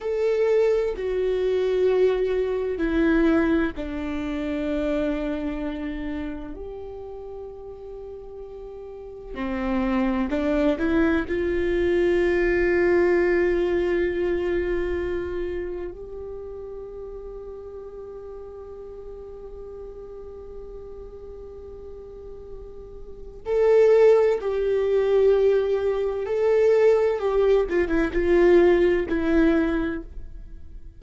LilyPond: \new Staff \with { instrumentName = "viola" } { \time 4/4 \tempo 4 = 64 a'4 fis'2 e'4 | d'2. g'4~ | g'2 c'4 d'8 e'8 | f'1~ |
f'4 g'2.~ | g'1~ | g'4 a'4 g'2 | a'4 g'8 f'16 e'16 f'4 e'4 | }